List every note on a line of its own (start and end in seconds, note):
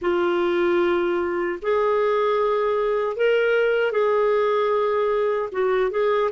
0.01 1.59 F4
1.62 3.16 G#4
3.16 3.91 A#4
3.91 5.49 G#4
5.52 5.90 F#4
5.90 6.30 G#4